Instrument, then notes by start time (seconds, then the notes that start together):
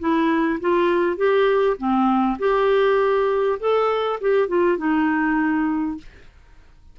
clarinet
0.00 E4
0.61 F4
1.17 G4
1.78 C4
2.39 G4
3.60 A4
4.21 G4
4.48 F4
4.78 D#4